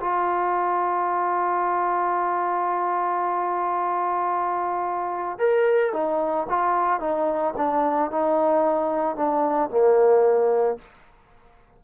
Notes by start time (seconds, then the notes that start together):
0.00 F4
5.38 A#4
5.92 D#4
6.49 F4
7.00 D#4
7.57 D4
8.11 D#4
9.16 D4
9.70 A#3